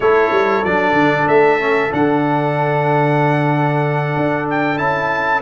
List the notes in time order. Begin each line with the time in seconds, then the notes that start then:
0.00 A3 E4 A4 C#5
0.31 G3
0.63 F#3 D4 D5
0.92 D3
1.27 A3 E5
1.60 C#4
1.90 D3 D4 F#5
4.16 D4
4.49 G5
4.76 C#4 E4 A5